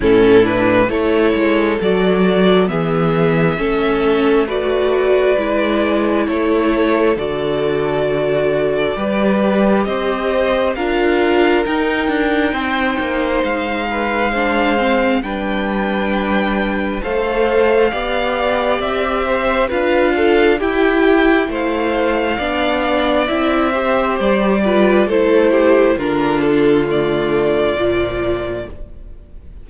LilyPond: <<
  \new Staff \with { instrumentName = "violin" } { \time 4/4 \tempo 4 = 67 a'8 b'8 cis''4 d''4 e''4~ | e''4 d''2 cis''4 | d''2. dis''4 | f''4 g''2 f''4~ |
f''4 g''2 f''4~ | f''4 e''4 f''4 g''4 | f''2 e''4 d''4 | c''4 ais'8 a'8 d''2 | }
  \new Staff \with { instrumentName = "violin" } { \time 4/4 e'4 a'2 gis'4 | a'4 b'2 a'4~ | a'2 b'4 c''4 | ais'2 c''4. b'8 |
c''4 b'2 c''4 | d''4. c''8 b'8 a'8 g'4 | c''4 d''4. c''4 b'8 | a'8 g'8 f'2. | }
  \new Staff \with { instrumentName = "viola" } { \time 4/4 cis'8 d'8 e'4 fis'4 b4 | cis'4 fis'4 e'2 | fis'2 g'2 | f'4 dis'2. |
d'8 c'8 d'2 a'4 | g'2 f'4 e'4~ | e'4 d'4 e'8 g'4 f'8 | e'4 d'4 a4 f4 | }
  \new Staff \with { instrumentName = "cello" } { \time 4/4 a,4 a8 gis8 fis4 e4 | a2 gis4 a4 | d2 g4 c'4 | d'4 dis'8 d'8 c'8 ais8 gis4~ |
gis4 g2 a4 | b4 c'4 d'4 e'4 | a4 b4 c'4 g4 | a4 d2 ais,4 | }
>>